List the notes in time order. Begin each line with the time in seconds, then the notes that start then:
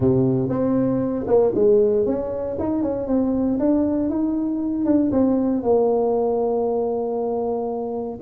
0.00 C3
0.49 C4
1.27 A#3
1.54 G#3
2.06 C#4
2.59 D#4
2.82 C#4
3.07 C4
3.59 D4
4.09 D#4
4.85 D4
5.11 C4
5.62 A#3